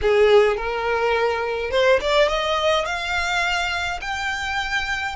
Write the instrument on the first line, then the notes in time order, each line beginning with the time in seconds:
violin
0.01 G#4
0.56 A#4
1.71 C5
2.01 D5
2.28 D#5
2.85 F5
4.01 G5